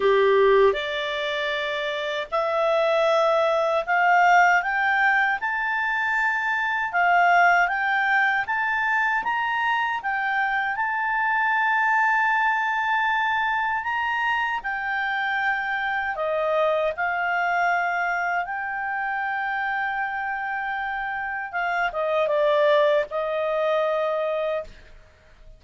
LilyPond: \new Staff \with { instrumentName = "clarinet" } { \time 4/4 \tempo 4 = 78 g'4 d''2 e''4~ | e''4 f''4 g''4 a''4~ | a''4 f''4 g''4 a''4 | ais''4 g''4 a''2~ |
a''2 ais''4 g''4~ | g''4 dis''4 f''2 | g''1 | f''8 dis''8 d''4 dis''2 | }